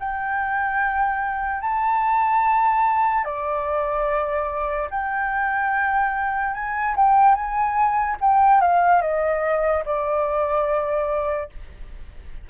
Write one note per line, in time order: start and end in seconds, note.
0.00 1.61 G5
1.61 3.25 A5
3.25 4.89 D5
4.91 6.54 G5
6.54 6.95 G#5
6.96 7.35 G5
7.35 8.17 G#5
8.21 8.61 G5
8.61 9.02 F5
9.02 9.84 D#5
9.86 11.50 D5